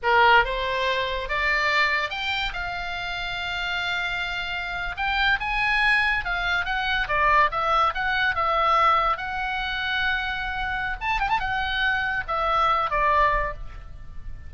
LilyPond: \new Staff \with { instrumentName = "oboe" } { \time 4/4 \tempo 4 = 142 ais'4 c''2 d''4~ | d''4 g''4 f''2~ | f''2.~ f''8. g''16~ | g''8. gis''2 f''4 fis''16~ |
fis''8. d''4 e''4 fis''4 e''16~ | e''4.~ e''16 fis''2~ fis''16~ | fis''2 a''8 g''16 a''16 fis''4~ | fis''4 e''4. d''4. | }